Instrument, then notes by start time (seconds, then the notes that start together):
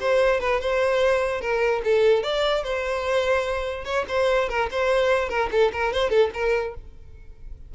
violin
0.00 C5
0.40 B4
0.60 C5
1.40 A#4
1.84 A4
2.23 D5
2.63 C5
3.84 C#5
4.08 C5
4.49 A#4
4.71 C5
5.29 A#4
5.51 A4
5.72 A#4
5.93 C5
6.09 A4
6.33 A#4